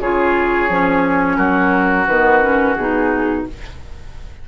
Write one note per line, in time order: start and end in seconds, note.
0.00 0.69 C#3
0.00 0.69 F4
0.00 1.37 G#4
0.00 1.36 C#5
0.69 1.37 F3
0.69 2.07 C#4
1.36 2.06 F#3
1.36 3.44 F#4
1.36 2.05 A#4
2.07 2.76 D#3
2.07 2.41 B3
2.07 2.74 B4
2.41 2.76 C#4
2.74 3.45 B2
2.74 3.48 D#4
2.74 3.43 G#4